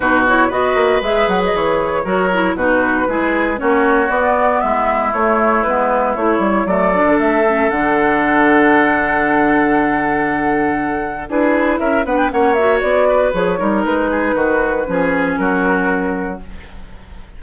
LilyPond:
<<
  \new Staff \with { instrumentName = "flute" } { \time 4/4 \tempo 4 = 117 b'8 cis''8 dis''4 e''8 fis''16 dis''16 cis''4~ | cis''4 b'2 cis''4 | d''4 e''4 cis''4 b'4 | cis''4 d''4 e''4 fis''4~ |
fis''1~ | fis''2 b'4 e''8 fis''16 g''16 | fis''8 e''8 d''4 cis''4 b'4~ | b'2 ais'2 | }
  \new Staff \with { instrumentName = "oboe" } { \time 4/4 fis'4 b'2. | ais'4 fis'4 gis'4 fis'4~ | fis'4 e'2.~ | e'4 a'2.~ |
a'1~ | a'2 gis'4 ais'8 b'8 | cis''4. b'4 ais'4 gis'8 | fis'4 gis'4 fis'2 | }
  \new Staff \with { instrumentName = "clarinet" } { \time 4/4 dis'8 e'8 fis'4 gis'2 | fis'8 e'8 dis'4 e'4 cis'4 | b2 a4 b4 | e'4 a8 d'4 cis'8 d'4~ |
d'1~ | d'2 e'4. d'8 | cis'8 fis'4. gis'8 dis'4.~ | dis'4 cis'2. | }
  \new Staff \with { instrumentName = "bassoon" } { \time 4/4 b,4 b8 ais8 gis8 fis8 e4 | fis4 b,4 gis4 ais4 | b4 gis4 a4 gis4 | a8 g8 fis8. d16 a4 d4~ |
d1~ | d2 d'4 cis'8 b8 | ais4 b4 f8 g8 gis4 | dis4 f4 fis2 | }
>>